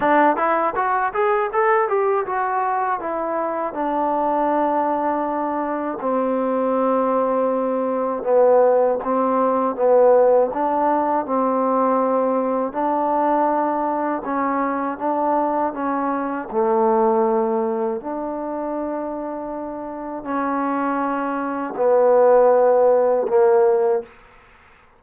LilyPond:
\new Staff \with { instrumentName = "trombone" } { \time 4/4 \tempo 4 = 80 d'8 e'8 fis'8 gis'8 a'8 g'8 fis'4 | e'4 d'2. | c'2. b4 | c'4 b4 d'4 c'4~ |
c'4 d'2 cis'4 | d'4 cis'4 a2 | d'2. cis'4~ | cis'4 b2 ais4 | }